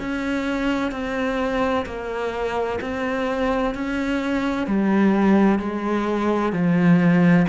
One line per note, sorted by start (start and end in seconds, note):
0.00 0.92 C#4
0.92 1.85 C4
1.86 2.80 A#3
2.81 3.75 C4
3.75 4.67 C#4
4.67 5.59 G3
5.59 6.52 G#3
6.52 7.46 F3